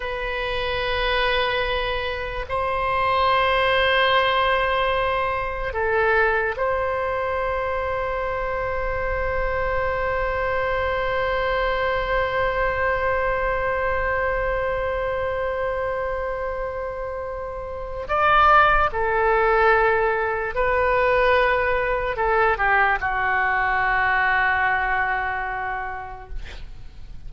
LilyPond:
\new Staff \with { instrumentName = "oboe" } { \time 4/4 \tempo 4 = 73 b'2. c''4~ | c''2. a'4 | c''1~ | c''1~ |
c''1~ | c''2 d''4 a'4~ | a'4 b'2 a'8 g'8 | fis'1 | }